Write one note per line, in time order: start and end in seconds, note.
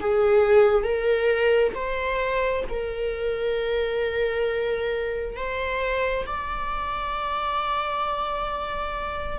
0.00 0.83 G#4
0.83 1.73 A#4
1.74 2.64 C5
2.69 5.36 A#4
5.36 6.25 C5
6.26 9.38 D5